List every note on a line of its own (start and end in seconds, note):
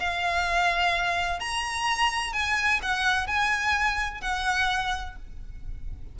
0.00 1.40 F5
1.40 2.33 A#5
2.33 2.80 G#5
2.82 3.27 F#5
3.27 4.22 G#5
4.22 5.16 F#5